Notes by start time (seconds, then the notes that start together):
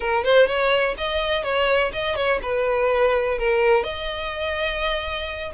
0.00 A#4
0.24 C5
0.47 C#5
0.97 D#5
1.43 C#5
1.92 D#5
2.15 C#5
2.42 B4
3.38 A#4
3.83 D#5